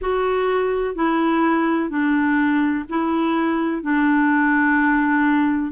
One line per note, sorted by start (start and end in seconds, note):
0.01 0.95 F#4
0.95 1.89 E4
1.89 2.84 D4
2.89 3.82 E4
3.82 5.71 D4